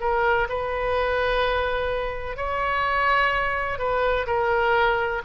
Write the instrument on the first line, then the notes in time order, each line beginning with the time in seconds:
oboe
0.00 A#4
0.49 B4
2.36 C#5
3.78 B4
4.26 A#4